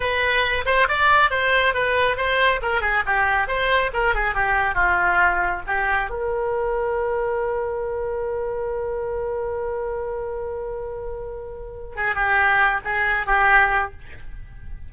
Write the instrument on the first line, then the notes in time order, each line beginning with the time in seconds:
oboe
0.00 B4
0.65 C5
0.88 D5
1.30 C5
1.74 B4
2.17 C5
2.61 A#4
2.81 G#4
3.06 G4
3.47 C5
3.93 A#4
4.15 G#4
4.34 G4
4.75 F4
5.66 G4
6.10 A#4
11.96 G#4
12.15 G4
12.84 G#4
13.26 G4